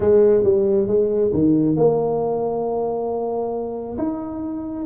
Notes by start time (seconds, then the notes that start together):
0.00 G#3
0.43 G3
0.87 G#3
1.33 D#3
1.76 A#3
3.98 D#4